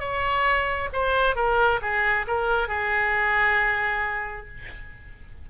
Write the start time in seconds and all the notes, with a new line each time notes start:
0.00 C#5
0.93 C5
1.36 A#4
1.82 G#4
2.28 A#4
2.68 G#4